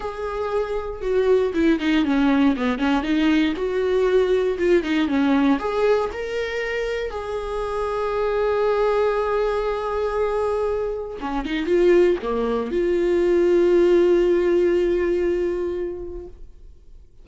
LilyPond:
\new Staff \with { instrumentName = "viola" } { \time 4/4 \tempo 4 = 118 gis'2 fis'4 e'8 dis'8 | cis'4 b8 cis'8 dis'4 fis'4~ | fis'4 f'8 dis'8 cis'4 gis'4 | ais'2 gis'2~ |
gis'1~ | gis'2 cis'8 dis'8 f'4 | ais4 f'2.~ | f'1 | }